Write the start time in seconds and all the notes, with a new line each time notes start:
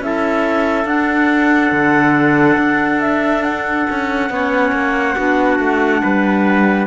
0.00 C#4 E4 E5
0.06 A4
0.85 D4 F#5
1.72 D3
2.58 D4
3.01 E5
3.44 F#5
3.90 C#4
4.30 B3 C#4 C#5
4.72 A#3
5.16 B3 D4 F#4
5.60 A3
6.03 G3 B4